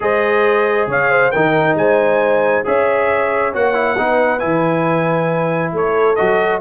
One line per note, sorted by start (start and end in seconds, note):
0.00 0.87 G#3
0.00 1.31 G#4
0.00 0.89 C5
0.00 0.89 D#5
0.87 1.31 C#3
0.87 1.10 C#5
0.87 1.31 F5
1.10 1.32 C5
1.31 1.74 D#3
1.31 2.64 D#4
1.31 1.76 A#4
1.31 1.75 G5
1.74 2.62 G#3
1.74 2.66 C5
1.74 2.65 G#5
2.64 3.54 C#4
2.64 3.52 G#4
2.64 3.98 C#5
2.64 3.54 E5
3.53 3.98 A#3
3.53 3.74 F#4
3.53 4.39 F#5
3.74 3.96 E4
3.97 4.43 B3
3.97 4.39 D#4
3.97 5.73 B4
4.39 5.72 E3
4.39 6.15 E4
4.39 5.71 G#5
5.72 6.16 A3
5.72 6.61 A4
5.72 6.15 C#5
6.15 6.61 F#3
6.15 6.61 F#4
6.15 6.59 D#5